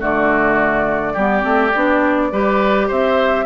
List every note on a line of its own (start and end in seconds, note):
0.00 1.16 D3
0.00 1.15 A3
0.00 1.13 F#4
0.00 2.90 D5
1.13 1.44 G3
1.13 1.41 B3
1.13 2.29 G4
1.41 1.73 A3
1.41 1.70 C4
1.75 2.32 B3
1.75 2.32 D4
2.32 2.90 G3
2.32 3.46 G4
2.32 2.88 B4
2.88 3.46 C4
2.88 3.45 C5
2.88 3.46 E5